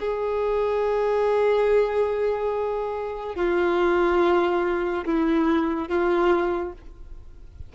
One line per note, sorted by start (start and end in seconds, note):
0.00 3.36 G#4
3.36 5.05 F4
5.06 5.89 E4
5.89 6.73 F4